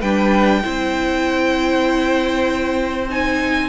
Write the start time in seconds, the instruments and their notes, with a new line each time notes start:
0.00 cello G3, viola D4, violin B4 G5
0.63 cello C4, viola E4, violin C5
3.10 viola D#4, violin G#5